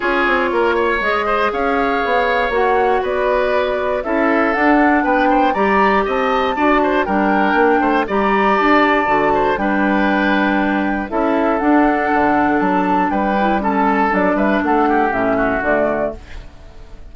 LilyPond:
<<
  \new Staff \with { instrumentName = "flute" } { \time 4/4 \tempo 4 = 119 cis''2 dis''4 f''4~ | f''4 fis''4 d''2 | e''4 fis''4 g''4 ais''4 | a''2 g''2 |
ais''4 a''2 g''4~ | g''2 e''4 fis''4~ | fis''4 a''4 g''4 a''4 | d''8 e''8 fis''4 e''4 d''4 | }
  \new Staff \with { instrumentName = "oboe" } { \time 4/4 gis'4 ais'8 cis''4 c''8 cis''4~ | cis''2 b'2 | a'2 b'8 c''8 d''4 | dis''4 d''8 c''8 ais'4. c''8 |
d''2~ d''8 c''8 b'4~ | b'2 a'2~ | a'2 b'4 a'4~ | a'8 b'8 a'8 g'4 fis'4. | }
  \new Staff \with { instrumentName = "clarinet" } { \time 4/4 f'2 gis'2~ | gis'4 fis'2. | e'4 d'2 g'4~ | g'4 fis'4 d'2 |
g'2 fis'4 d'4~ | d'2 e'4 d'4~ | d'2~ d'8 e'8 cis'4 | d'2 cis'4 a4 | }
  \new Staff \with { instrumentName = "bassoon" } { \time 4/4 cis'8 c'8 ais4 gis4 cis'4 | b4 ais4 b2 | cis'4 d'4 b4 g4 | c'4 d'4 g4 ais8 a8 |
g4 d'4 d4 g4~ | g2 cis'4 d'4 | d4 fis4 g2 | fis8 g8 a4 a,4 d4 | }
>>